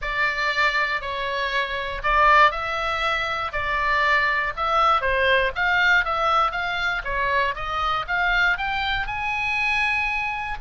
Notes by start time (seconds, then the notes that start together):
0.01 D5
1.01 C#5
2.03 D5
2.51 E5
3.52 D5
4.56 E5
5.01 C5
5.55 F5
6.04 E5
6.51 F5
7.04 C#5
7.55 D#5
8.07 F5
8.57 G5
9.06 G#5